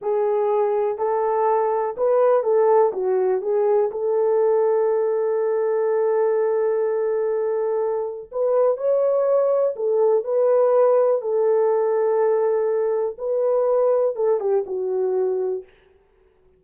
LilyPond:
\new Staff \with { instrumentName = "horn" } { \time 4/4 \tempo 4 = 123 gis'2 a'2 | b'4 a'4 fis'4 gis'4 | a'1~ | a'1~ |
a'4 b'4 cis''2 | a'4 b'2 a'4~ | a'2. b'4~ | b'4 a'8 g'8 fis'2 | }